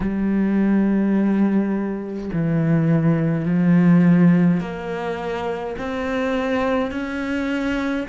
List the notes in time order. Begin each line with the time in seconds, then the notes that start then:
0.00 G3
2.32 E3
3.45 F3
4.60 A#3
5.78 C4
6.91 C#4